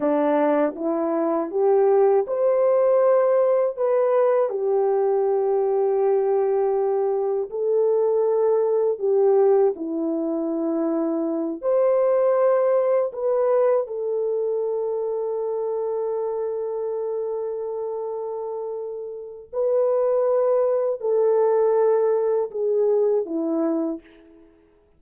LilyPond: \new Staff \with { instrumentName = "horn" } { \time 4/4 \tempo 4 = 80 d'4 e'4 g'4 c''4~ | c''4 b'4 g'2~ | g'2 a'2 | g'4 e'2~ e'8 c''8~ |
c''4. b'4 a'4.~ | a'1~ | a'2 b'2 | a'2 gis'4 e'4 | }